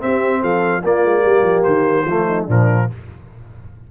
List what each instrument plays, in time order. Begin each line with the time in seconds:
0.00 trombone C4, tuba C4, horn G4, trumpet E5
0.41 tuba F3, horn A4, trumpet F5
0.83 trombone A#3, tuba A#3, horn F4, trumpet D5
1.04 tuba G#3
1.23 tuba G3, horn G4
1.43 tuba F3
1.63 tuba D#3, trumpet C5
2.05 tuba F3, trombone A3, horn F4
2.27 horn D#4
2.45 tuba A#2, trombone F3, horn D4, trumpet A#4